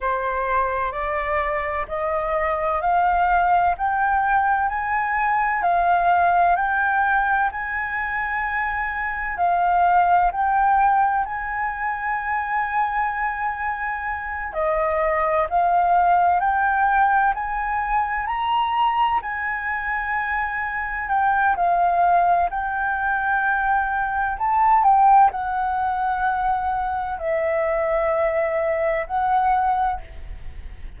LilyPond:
\new Staff \with { instrumentName = "flute" } { \time 4/4 \tempo 4 = 64 c''4 d''4 dis''4 f''4 | g''4 gis''4 f''4 g''4 | gis''2 f''4 g''4 | gis''2.~ gis''8 dis''8~ |
dis''8 f''4 g''4 gis''4 ais''8~ | ais''8 gis''2 g''8 f''4 | g''2 a''8 g''8 fis''4~ | fis''4 e''2 fis''4 | }